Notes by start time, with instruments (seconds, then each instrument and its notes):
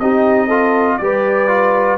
0.00 tuba C4, trombone D#4, horn G4, trumpet D#5
0.48 trombone F4, horn A4
0.98 tuba G3, trombone G4, horn B4, trumpet D5
1.48 trombone F4